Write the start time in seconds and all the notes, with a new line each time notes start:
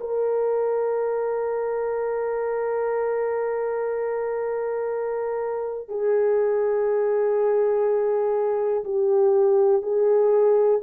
0.00 A#4
5.88 G#4
8.84 G4
9.82 G#4